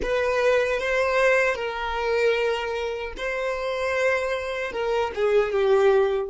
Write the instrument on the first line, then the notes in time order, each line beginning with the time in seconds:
violin
0.02 B4
0.80 C5
1.55 A#4
3.17 C5
4.72 A#4
5.15 G#4
5.52 G4